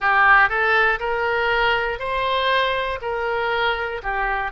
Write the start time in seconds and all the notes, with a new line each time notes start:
0.00 G4
0.49 A4
1.00 A#4
1.99 C5
3.01 A#4
4.02 G4